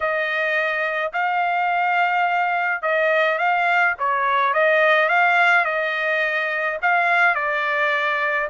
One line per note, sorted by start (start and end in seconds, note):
0.00 1.12 D#5
1.12 2.81 F5
2.81 3.38 D#5
3.38 3.95 F5
3.99 4.53 C#5
4.53 5.08 D#5
5.08 5.64 F5
5.64 6.77 D#5
6.82 7.35 F5
7.35 8.48 D5